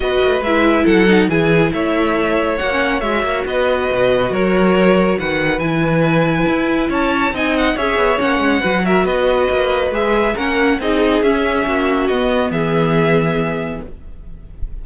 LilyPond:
<<
  \new Staff \with { instrumentName = "violin" } { \time 4/4 \tempo 4 = 139 dis''4 e''4 fis''4 gis''4 | e''2 fis''4 e''4 | dis''2 cis''2 | fis''4 gis''2. |
a''4 gis''8 fis''8 e''4 fis''4~ | fis''8 e''8 dis''2 e''4 | fis''4 dis''4 e''2 | dis''4 e''2. | }
  \new Staff \with { instrumentName = "violin" } { \time 4/4 b'2 a'4 gis'4 | cis''1 | b'2 ais'2 | b'1 |
cis''4 dis''4 cis''2 | b'8 ais'8 b'2. | ais'4 gis'2 fis'4~ | fis'4 gis'2. | }
  \new Staff \with { instrumentName = "viola" } { \time 4/4 fis'4 e'4. dis'8 e'4~ | e'2 fis'16 cis'8. fis'4~ | fis'1~ | fis'4 e'2.~ |
e'4 dis'4 gis'4 cis'4 | fis'2. gis'4 | cis'4 dis'4 cis'2 | b1 | }
  \new Staff \with { instrumentName = "cello" } { \time 4/4 b8 a8 gis4 fis4 e4 | a2 ais4 gis8 ais8 | b4 b,4 fis2 | dis4 e2 e'4 |
cis'4 c'4 cis'8 b8 ais8 gis8 | fis4 b4 ais4 gis4 | ais4 c'4 cis'4 ais4 | b4 e2. | }
>>